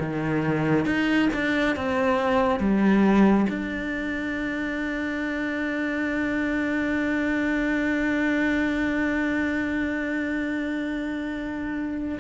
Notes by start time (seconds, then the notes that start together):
0.00 D#3
0.85 D#4
1.34 D4
1.76 C4
2.60 G3
3.49 D4